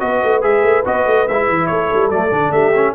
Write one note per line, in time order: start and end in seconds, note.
0.00 0.23 B3
0.00 0.42 F#4
0.00 1.71 B4
0.00 0.42 D#5
0.24 0.43 A3
0.42 0.63 G#3
0.42 0.84 G#4
0.42 0.85 E5
0.63 0.84 A3
0.85 1.07 B3
0.85 1.27 F#4
0.85 1.28 D#5
1.07 1.28 A3
1.28 1.49 G#3
1.28 2.12 E4
1.28 1.67 E5
1.49 1.70 E3
1.67 1.91 A3
1.67 2.53 A4
1.67 2.09 C#5
1.94 2.10 G3
2.10 2.31 F#3
2.10 2.31 A3
2.10 2.52 D5
2.31 2.51 D3
2.31 2.73 D4
2.51 2.93 A3
2.51 2.95 G4
2.51 2.94 E5
2.76 2.95 C#4